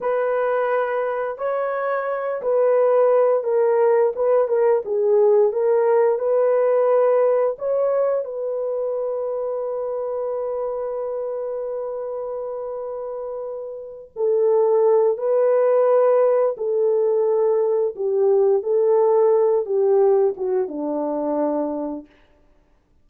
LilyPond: \new Staff \with { instrumentName = "horn" } { \time 4/4 \tempo 4 = 87 b'2 cis''4. b'8~ | b'4 ais'4 b'8 ais'8 gis'4 | ais'4 b'2 cis''4 | b'1~ |
b'1~ | b'8 a'4. b'2 | a'2 g'4 a'4~ | a'8 g'4 fis'8 d'2 | }